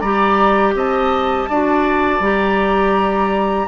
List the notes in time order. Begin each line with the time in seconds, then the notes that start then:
0.00 G3 G4 D5 A#5
0.75 C4 D#5 A5
1.50 D4 F#4 D5
2.20 G3 G4 A#5